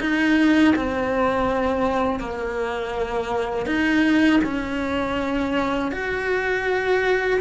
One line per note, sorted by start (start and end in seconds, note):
0.00 0.74 D#4
0.75 2.19 C4
2.19 3.65 A#3
3.65 4.39 D#4
4.43 5.91 C#4
5.91 7.39 F#4